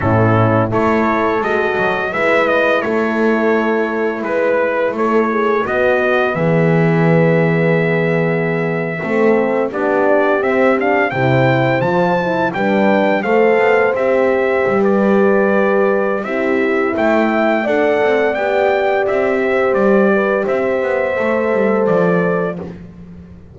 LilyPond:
<<
  \new Staff \with { instrumentName = "trumpet" } { \time 4/4 \tempo 4 = 85 a'4 cis''4 dis''4 e''8 dis''8 | cis''2 b'4 cis''4 | dis''4 e''2.~ | e''4.~ e''16 d''4 e''8 f''8 g''16~ |
g''8. a''4 g''4 f''4 e''16~ | e''4 d''2 e''4 | g''4 fis''4 g''4 e''4 | d''4 e''2 d''4 | }
  \new Staff \with { instrumentName = "horn" } { \time 4/4 e'4 a'2 b'4 | a'2 b'4 a'8 gis'8 | fis'4 gis'2.~ | gis'8. a'4 g'2 c''16~ |
c''4.~ c''16 b'4 c''4~ c''16~ | c''4 b'2 g'4 | e''4 d''2~ d''8 c''8~ | c''8 b'8 c''2. | }
  \new Staff \with { instrumentName = "horn" } { \time 4/4 cis'4 e'4 fis'4 e'4~ | e'1 | b1~ | b8. c'4 d'4 c'8 d'8 e'16~ |
e'8. f'8 e'8 d'4 a'4 g'16~ | g'2. e'4~ | e'4 a'4 g'2~ | g'2 a'2 | }
  \new Staff \with { instrumentName = "double bass" } { \time 4/4 a,4 a4 gis8 fis8 gis4 | a2 gis4 a4 | b4 e2.~ | e8. a4 b4 c'4 c16~ |
c8. f4 g4 a8 b8 c'16~ | c'8. g2~ g16 c'4 | a4 d'8 c'8 b4 c'4 | g4 c'8 b8 a8 g8 f4 | }
>>